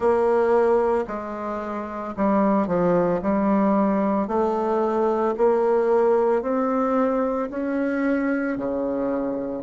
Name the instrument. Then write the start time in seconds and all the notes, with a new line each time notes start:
bassoon
0.00 A#3
1.07 G#3
2.16 G3
2.67 F3
3.21 G3
4.27 A3
5.37 A#3
6.41 C4
7.50 C#4
8.57 C#3